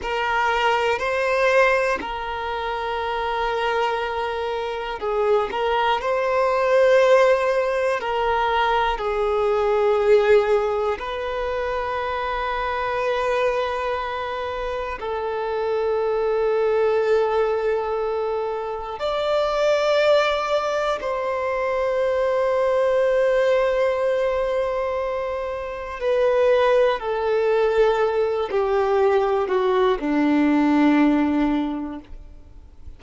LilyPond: \new Staff \with { instrumentName = "violin" } { \time 4/4 \tempo 4 = 60 ais'4 c''4 ais'2~ | ais'4 gis'8 ais'8 c''2 | ais'4 gis'2 b'4~ | b'2. a'4~ |
a'2. d''4~ | d''4 c''2.~ | c''2 b'4 a'4~ | a'8 g'4 fis'8 d'2 | }